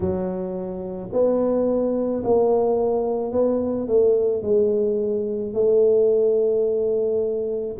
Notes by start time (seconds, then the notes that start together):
0.00 F#3
1.12 B3
2.24 A#3
3.31 B3
3.87 A3
4.42 G#3
5.53 A3